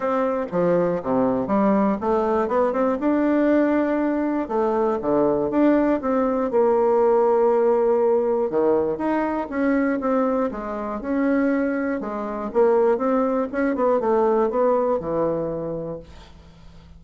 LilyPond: \new Staff \with { instrumentName = "bassoon" } { \time 4/4 \tempo 4 = 120 c'4 f4 c4 g4 | a4 b8 c'8 d'2~ | d'4 a4 d4 d'4 | c'4 ais2.~ |
ais4 dis4 dis'4 cis'4 | c'4 gis4 cis'2 | gis4 ais4 c'4 cis'8 b8 | a4 b4 e2 | }